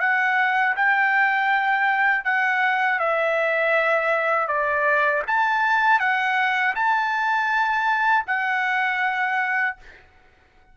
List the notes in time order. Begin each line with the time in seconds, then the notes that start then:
0.00 F#5
0.76 G5
2.24 F#5
2.99 E5
4.47 D5
5.27 A5
5.99 F#5
6.75 A5
8.27 F#5